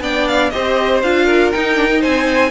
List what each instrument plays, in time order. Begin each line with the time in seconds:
0.00 cello B3, viola D4, violin D5 G5
0.28 violin F5
0.50 cello C4, viola G4, violin C5 D#5
1.02 cello D4, viola F4, violin F5
1.25 violin A#4
1.52 viola D#4, cello D#4, violin G5
1.76 viola D4
1.87 viola D#4
2.00 cello C4, violin C5 G#5